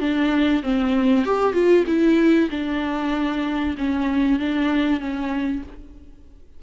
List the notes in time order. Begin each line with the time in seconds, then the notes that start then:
0.00 D4
0.63 C4
1.25 G4
1.53 F4
1.87 E4
2.51 D4
3.78 C#4
4.39 D4
5.00 C#4